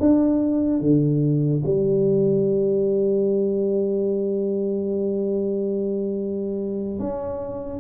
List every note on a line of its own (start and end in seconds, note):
0.00 0.81 D4
0.81 1.63 D3
1.66 7.00 G3
7.00 7.80 C#4